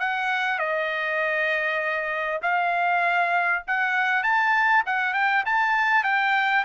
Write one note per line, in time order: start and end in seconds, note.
0.00 0.59 F#5
0.59 2.41 D#5
2.42 3.64 F5
3.67 4.23 F#5
4.23 4.84 A5
4.86 5.14 F#5
5.14 5.44 G5
5.46 6.04 A5
6.04 6.65 G5